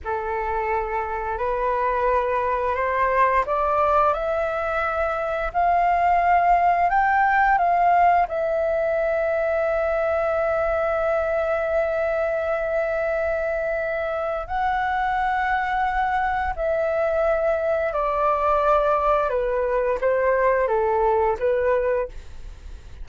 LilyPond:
\new Staff \with { instrumentName = "flute" } { \time 4/4 \tempo 4 = 87 a'2 b'2 | c''4 d''4 e''2 | f''2 g''4 f''4 | e''1~ |
e''1~ | e''4 fis''2. | e''2 d''2 | b'4 c''4 a'4 b'4 | }